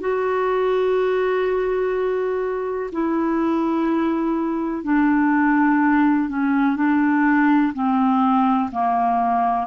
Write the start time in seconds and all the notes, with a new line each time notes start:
0.00 F#4
2.92 E4
4.84 D4
6.29 C#4
6.76 D4
7.74 C4
8.72 A#3